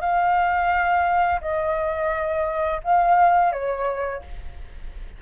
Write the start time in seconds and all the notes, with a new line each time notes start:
0.00 F5
1.40 D#5
2.84 F5
3.52 C#5